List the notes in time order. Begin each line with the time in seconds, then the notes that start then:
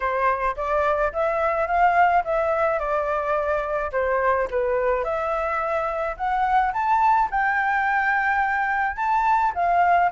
0.00 C5
0.56 D5
1.12 E5
1.67 F5
2.24 E5
2.79 D5
3.92 C5
4.50 B4
5.03 E5
6.16 F#5
6.73 A5
7.30 G5
8.96 A5
9.55 F5